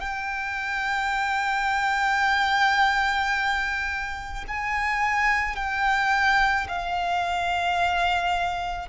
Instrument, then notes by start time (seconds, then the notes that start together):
violin
0.00 G5
4.48 G#5
5.56 G5
6.68 F5